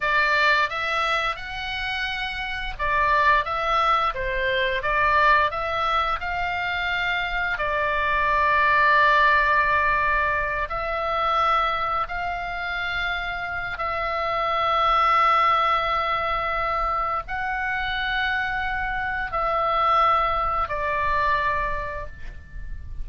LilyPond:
\new Staff \with { instrumentName = "oboe" } { \time 4/4 \tempo 4 = 87 d''4 e''4 fis''2 | d''4 e''4 c''4 d''4 | e''4 f''2 d''4~ | d''2.~ d''8 e''8~ |
e''4. f''2~ f''8 | e''1~ | e''4 fis''2. | e''2 d''2 | }